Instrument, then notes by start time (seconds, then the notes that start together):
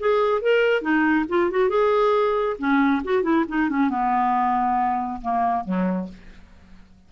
clarinet
0.00 G#4
0.42 A#4
0.82 D#4
1.29 F4
1.51 F#4
1.70 G#4
2.59 C#4
3.04 F#4
3.23 E4
3.49 D#4
3.70 C#4
3.90 B3
5.22 A#3
5.65 F#3